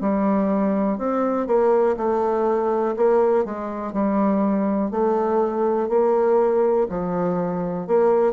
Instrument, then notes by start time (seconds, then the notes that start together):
bassoon
0.00 G3
0.97 C4
1.47 A#3
1.97 A3
2.96 A#3
3.45 G#3
3.93 G3
4.90 A3
5.89 A#3
6.89 F3
7.87 A#3